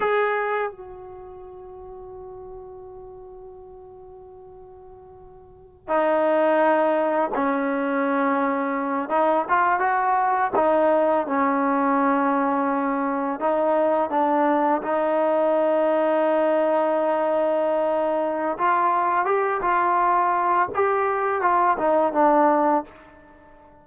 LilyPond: \new Staff \with { instrumentName = "trombone" } { \time 4/4 \tempo 4 = 84 gis'4 fis'2.~ | fis'1~ | fis'16 dis'2 cis'4.~ cis'16~ | cis'8. dis'8 f'8 fis'4 dis'4 cis'16~ |
cis'2~ cis'8. dis'4 d'16~ | d'8. dis'2.~ dis'16~ | dis'2 f'4 g'8 f'8~ | f'4 g'4 f'8 dis'8 d'4 | }